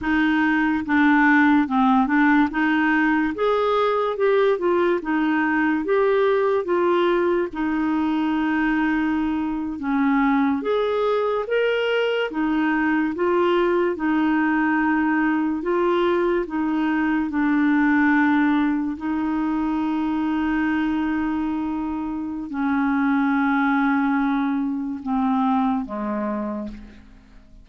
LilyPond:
\new Staff \with { instrumentName = "clarinet" } { \time 4/4 \tempo 4 = 72 dis'4 d'4 c'8 d'8 dis'4 | gis'4 g'8 f'8 dis'4 g'4 | f'4 dis'2~ dis'8. cis'16~ | cis'8. gis'4 ais'4 dis'4 f'16~ |
f'8. dis'2 f'4 dis'16~ | dis'8. d'2 dis'4~ dis'16~ | dis'2. cis'4~ | cis'2 c'4 gis4 | }